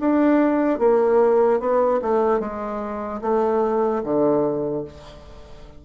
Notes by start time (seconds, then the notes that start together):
0.00 D4
0.79 A#3
1.60 B3
2.02 A3
2.40 G#3
3.22 A3
4.04 D3